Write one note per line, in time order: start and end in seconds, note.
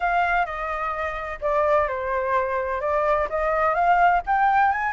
0.00 0.45 F5
0.45 1.39 D#5
1.41 1.87 D5
1.88 2.81 C5
2.81 3.27 D5
3.29 3.74 D#5
3.74 4.21 F5
4.26 4.71 G5
4.71 4.92 G#5